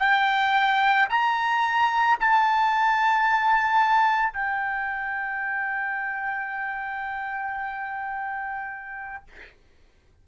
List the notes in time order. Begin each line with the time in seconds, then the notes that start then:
0.00 G5
1.10 A#5
2.20 A5
4.33 G5